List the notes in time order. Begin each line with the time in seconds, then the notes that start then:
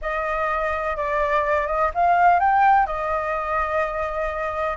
0.01 D#5
0.96 D5
1.66 D#5
1.94 F5
2.39 G5
2.86 D#5